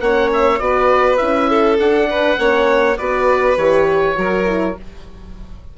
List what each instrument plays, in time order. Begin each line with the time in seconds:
0.00 bassoon A#3, horn C#4, violin C#5, oboe F#5
0.33 oboe E5
0.59 bassoon B3, horn F#4, violin B4, oboe D5
1.17 bassoon C#4, horn E4, oboe E5
1.50 violin A4
1.77 horn D4, bassoon D4, oboe F#5
2.10 violin B4
2.37 bassoon A#3, horn C#4, violin C#5
2.97 bassoon B3, horn F#4, violin B4, oboe D5
3.57 bassoon E3, horn G4, oboe C#5
4.15 bassoon F#3, horn F#4, violin A#4
4.46 horn E4